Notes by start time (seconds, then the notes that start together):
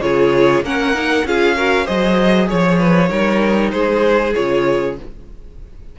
0.00 C#3 F4 G#4 C#5
0.61 A#3 C#4 A#4 F#5
0.94 D#4
1.24 C#4 F4 G#4 F5
1.56 F#4 A#4
1.85 F#3 G#4 C5 D#5
2.49 F3 C#5
2.78 B4
3.09 G3 D#4 A#4
3.71 G#3 G#4 C5
4.34 C#3 F4 C#5